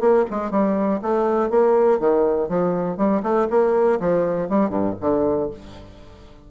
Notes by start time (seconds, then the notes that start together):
0.00 A#3
0.30 G#3
0.50 G3
1.02 A3
1.50 A#3
1.99 D#3
2.49 F3
2.97 G3
3.23 A3
3.50 A#3
4.00 F3
4.49 G3
4.69 G2
5.01 D3